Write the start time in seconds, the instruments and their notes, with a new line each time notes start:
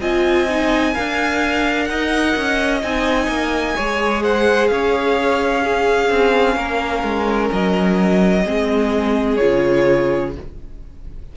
0.00 cello C4, viola F4, violin D#5 G#5
0.49 viola D#4
0.94 cello D4, viola A#4, violin F5
1.84 cello D#4, violin D#5 F#5
2.36 cello C#4
2.82 cello C4, viola D#4, violin G#5
3.27 cello A#3
3.75 cello G#3, viola G#4, violin C#5
4.23 violin C5 F#5
4.67 cello C#4, violin C#5 F5
5.62 viola C#4, violin G#4
6.09 cello C4
6.55 cello A#3, violin A#4
7.02 cello G#3
7.52 cello F#3, violin D#5
8.44 cello G#3, viola C4, violin G#4
9.36 viola F4, violin C#5
9.42 cello C#3